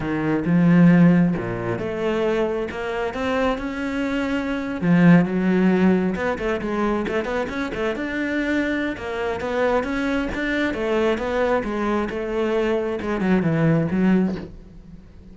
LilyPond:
\new Staff \with { instrumentName = "cello" } { \time 4/4 \tempo 4 = 134 dis4 f2 ais,4 | a2 ais4 c'4 | cis'2~ cis'8. f4 fis16~ | fis4.~ fis16 b8 a8 gis4 a16~ |
a16 b8 cis'8 a8 d'2~ d'16 | ais4 b4 cis'4 d'4 | a4 b4 gis4 a4~ | a4 gis8 fis8 e4 fis4 | }